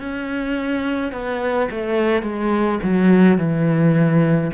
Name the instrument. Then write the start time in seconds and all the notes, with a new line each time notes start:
cello
0.00 C#4
1.13 B3
1.71 A3
2.23 G#3
2.84 F#3
3.38 E3